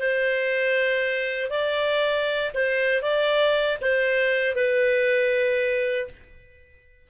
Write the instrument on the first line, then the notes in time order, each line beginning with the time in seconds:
clarinet
0.00 C5
1.51 D5
2.55 C5
3.03 D5
3.82 C5
4.56 B4